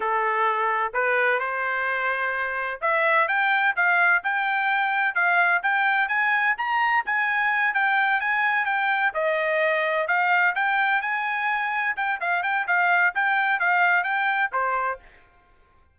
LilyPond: \new Staff \with { instrumentName = "trumpet" } { \time 4/4 \tempo 4 = 128 a'2 b'4 c''4~ | c''2 e''4 g''4 | f''4 g''2 f''4 | g''4 gis''4 ais''4 gis''4~ |
gis''8 g''4 gis''4 g''4 dis''8~ | dis''4. f''4 g''4 gis''8~ | gis''4. g''8 f''8 g''8 f''4 | g''4 f''4 g''4 c''4 | }